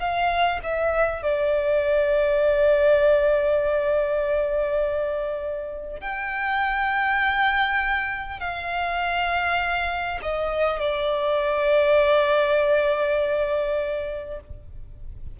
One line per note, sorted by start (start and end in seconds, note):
0.00 0.60 F5
0.63 1.23 E5
1.23 6.01 D5
6.01 8.40 G5
8.40 10.20 F5
10.22 10.80 D#5
10.80 14.40 D5